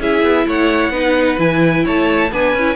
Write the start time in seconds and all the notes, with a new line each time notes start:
0.00 C#4 E4 G#4 E5
0.23 B3
0.47 A3 C#5 F#5
0.90 B3 D#4 B4
1.38 E3 E4 G#5
1.85 A3 C#5 A5
2.32 B3 D4 B4 G#5
2.54 C#4 E4